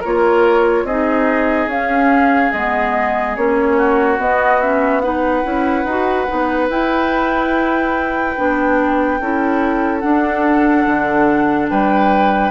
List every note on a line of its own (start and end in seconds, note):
0.00 0.84 A#3
0.00 0.88 F4
0.00 0.83 A#4
0.00 0.86 C#5
0.84 1.67 C4
0.84 1.70 D#4
0.84 3.77 G#4
0.84 1.69 D#5
1.67 2.50 C#4
1.67 2.53 C#4
1.67 2.52 F5
2.52 3.36 G#3
2.52 3.36 B3
2.52 3.35 D#5
3.36 4.19 A#3
3.36 4.18 C#4
3.36 4.19 C#5
3.77 5.02 F#4
4.18 4.60 B3
4.18 5.44 B3
4.18 4.61 D#5
4.61 5.03 C#4
4.61 5.01 E5
5.01 5.43 D#4
5.01 9.20 B4
5.01 6.67 F#5
5.43 5.84 C#4
5.43 5.85 E4
5.84 6.26 D#4
5.84 6.27 F#4
6.27 6.69 B3
6.27 6.68 D#4
6.69 8.35 E4
6.69 8.37 E4
6.69 9.99 G5
8.37 9.20 B3
8.37 9.20 D4
9.20 10.03 C#4
9.20 10.02 E4
9.20 11.70 A4
9.99 12.51 D4
9.99 10.86 D4
9.99 11.66 F#5
10.86 11.70 D3
11.69 12.51 G3
11.69 12.51 B4
11.69 12.51 G5